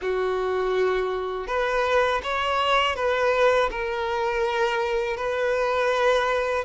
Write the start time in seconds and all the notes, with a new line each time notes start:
0.01 F#4
1.47 B4
2.23 C#5
2.95 B4
3.70 A#4
5.16 B4